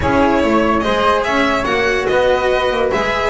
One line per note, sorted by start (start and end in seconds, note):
0.00 0.43 C#4
0.00 0.81 E4
0.00 0.42 G#4
0.00 0.80 C#5
0.43 0.85 A3
0.43 0.84 C#5
0.80 1.64 G#4
0.80 1.25 C5
0.80 1.21 D#5
0.86 1.26 G#3
1.24 1.64 C#4
1.24 2.09 C#5
1.24 1.64 E5
1.64 2.06 A#3
1.64 2.91 F#4
1.64 2.06 F#5
2.06 2.70 B3
2.06 3.29 B4
2.06 2.89 D#5
2.70 2.91 A#3
2.91 3.29 G#3
2.91 3.29 G#4
2.91 3.29 E5